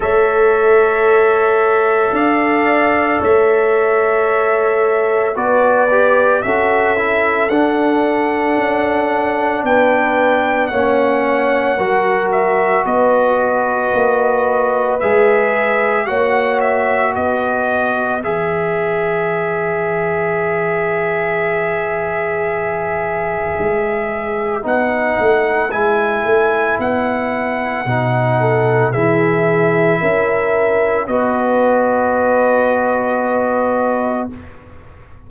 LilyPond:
<<
  \new Staff \with { instrumentName = "trumpet" } { \time 4/4 \tempo 4 = 56 e''2 f''4 e''4~ | e''4 d''4 e''4 fis''4~ | fis''4 g''4 fis''4. e''8 | dis''2 e''4 fis''8 e''8 |
dis''4 e''2.~ | e''2. fis''4 | gis''4 fis''2 e''4~ | e''4 dis''2. | }
  \new Staff \with { instrumentName = "horn" } { \time 4/4 cis''2 d''4 cis''4~ | cis''4 b'4 a'2~ | a'4 b'4 cis''4 ais'4 | b'2. cis''4 |
b'1~ | b'1~ | b'2~ b'8 a'8 gis'4 | ais'4 b'2. | }
  \new Staff \with { instrumentName = "trombone" } { \time 4/4 a'1~ | a'4 fis'8 g'8 fis'8 e'8 d'4~ | d'2 cis'4 fis'4~ | fis'2 gis'4 fis'4~ |
fis'4 gis'2.~ | gis'2. dis'4 | e'2 dis'4 e'4~ | e'4 fis'2. | }
  \new Staff \with { instrumentName = "tuba" } { \time 4/4 a2 d'4 a4~ | a4 b4 cis'4 d'4 | cis'4 b4 ais4 fis4 | b4 ais4 gis4 ais4 |
b4 e2.~ | e2 gis4 b8 a8 | gis8 a8 b4 b,4 e4 | cis'4 b2. | }
>>